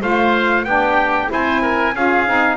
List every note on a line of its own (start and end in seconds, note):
0.00 0.64 A3
0.00 0.65 F4
0.00 0.65 C5
0.00 0.64 F5
0.64 1.29 B3
0.64 1.28 D4
0.64 1.31 G4
0.64 1.29 G5
1.28 1.95 C4
1.28 1.92 E4
1.28 1.61 C5
1.28 1.95 G#5
1.61 1.94 A#4
1.95 2.27 C#4
1.95 2.26 F4
1.95 2.56 G#4
1.95 2.56 F5
2.26 2.56 C4
2.26 2.56 D#4